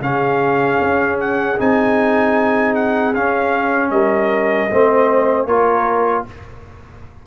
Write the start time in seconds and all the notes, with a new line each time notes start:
0.00 C#3 C#4 G#4 F5
0.81 C#4
1.20 F#5
1.58 C4 D#4 G#5
2.75 F#5
3.14 C#4 F5
3.90 G3 A#4 D#5
4.70 A3 C4 C5
5.45 A#3 F4 A#4 C#5